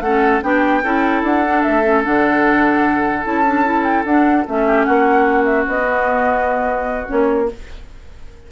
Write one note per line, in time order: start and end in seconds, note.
0.00 0.40 A3
0.00 0.42 C#4
0.00 0.44 A4
0.00 0.41 F#5
0.42 0.83 B3
0.42 0.82 D4
0.42 0.83 G4
0.42 1.23 G5
0.83 1.22 C#4
0.83 1.45 E4
0.83 4.65 A4
1.22 1.63 D4
1.22 1.62 F#5
1.45 1.83 D4
1.62 2.06 A3
1.62 2.03 E5
1.83 2.03 C#4
2.04 3.25 D3
2.04 3.24 D4
2.04 3.25 F#5
3.24 4.04 C#4
3.24 3.44 E4
3.24 3.83 A5
3.45 3.65 D4
3.65 4.05 E4
3.83 4.04 G5
4.04 4.45 D4
4.04 4.46 D4
4.04 4.46 F#5
4.46 4.87 A3
4.46 5.85 C#4
4.46 4.84 E5
4.67 4.86 G4
4.84 5.67 A#3
4.84 7.48 F#4
4.84 5.44 F#5
5.45 5.65 E5
5.67 7.08 B3
5.67 7.08 D#5
5.85 7.06 B3
7.06 7.51 A#3
7.06 7.46 C#4
7.06 7.48 C#5